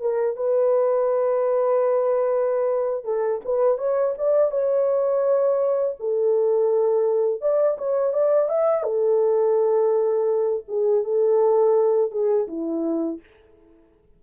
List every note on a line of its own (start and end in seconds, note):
0.00 0.36 A#4
0.36 3.04 B4
3.04 3.40 A4
3.45 3.78 B4
3.78 4.14 C#5
4.18 4.51 D5
4.51 5.95 C#5
5.99 7.41 A4
7.41 7.77 D5
7.77 8.13 C#5
8.13 8.48 D5
8.48 8.83 E5
8.83 10.64 A4
10.68 11.04 G#4
11.04 12.11 A4
12.11 12.47 G#4
12.47 13.19 E4